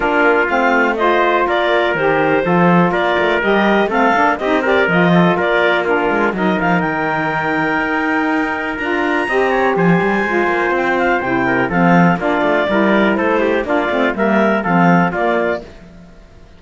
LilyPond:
<<
  \new Staff \with { instrumentName = "clarinet" } { \time 4/4 \tempo 4 = 123 ais'4 f''4 dis''4 d''4 | c''2 d''4 dis''4 | f''4 dis''8 d''8 dis''4 d''4 | ais'4 dis''8 f''8 g''2~ |
g''2 ais''2 | gis''2 g''8 f''8 g''4 | f''4 d''2 c''4 | d''4 e''4 f''4 d''4 | }
  \new Staff \with { instrumentName = "trumpet" } { \time 4/4 f'2 c''4 ais'4~ | ais'4 a'4 ais'2 | a'4 g'8 ais'4 a'8 ais'4 | f'4 ais'2.~ |
ais'2. dis''8 cis''8 | c''2.~ c''8 ais'8 | a'4 f'4 ais'4 a'8 g'8 | f'4 ais'4 a'4 f'4 | }
  \new Staff \with { instrumentName = "saxophone" } { \time 4/4 d'4 c'4 f'2 | g'4 f'2 g'4 | c'8 d'8 dis'8 g'8 f'2 | d'4 dis'2.~ |
dis'2 f'4 g'4~ | g'4 f'2 e'4 | c'4 d'4 e'2 | d'8 c'8 ais4 c'4 ais4 | }
  \new Staff \with { instrumentName = "cello" } { \time 4/4 ais4 a2 ais4 | dis4 f4 ais8 a8 g4 | a8 ais8 c'4 f4 ais4~ | ais8 gis8 fis8 f8 dis2 |
dis'2 d'4 c'4 | f8 g8 gis8 ais8 c'4 c4 | f4 ais8 a8 g4 a4 | ais8 a8 g4 f4 ais4 | }
>>